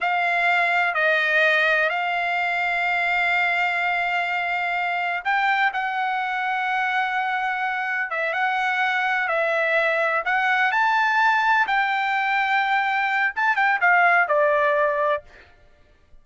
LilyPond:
\new Staff \with { instrumentName = "trumpet" } { \time 4/4 \tempo 4 = 126 f''2 dis''2 | f''1~ | f''2. g''4 | fis''1~ |
fis''4 e''8 fis''2 e''8~ | e''4. fis''4 a''4.~ | a''8 g''2.~ g''8 | a''8 g''8 f''4 d''2 | }